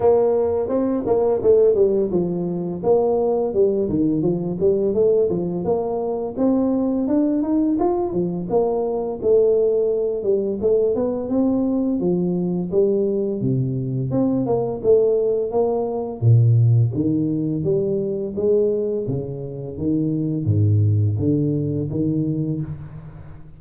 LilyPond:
\new Staff \with { instrumentName = "tuba" } { \time 4/4 \tempo 4 = 85 ais4 c'8 ais8 a8 g8 f4 | ais4 g8 dis8 f8 g8 a8 f8 | ais4 c'4 d'8 dis'8 f'8 f8 | ais4 a4. g8 a8 b8 |
c'4 f4 g4 c4 | c'8 ais8 a4 ais4 ais,4 | dis4 g4 gis4 cis4 | dis4 gis,4 d4 dis4 | }